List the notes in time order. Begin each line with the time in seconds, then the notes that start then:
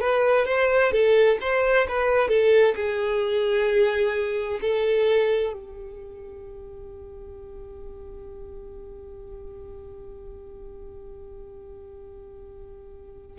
0.00 B4
0.45 C5
0.91 A4
1.41 C5
1.88 B4
2.28 A4
2.75 G#4
4.61 A4
5.53 G4